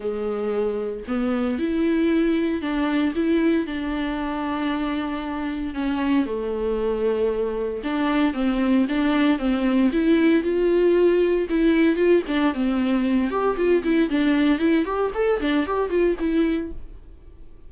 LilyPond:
\new Staff \with { instrumentName = "viola" } { \time 4/4 \tempo 4 = 115 gis2 b4 e'4~ | e'4 d'4 e'4 d'4~ | d'2. cis'4 | a2. d'4 |
c'4 d'4 c'4 e'4 | f'2 e'4 f'8 d'8 | c'4. g'8 f'8 e'8 d'4 | e'8 g'8 a'8 d'8 g'8 f'8 e'4 | }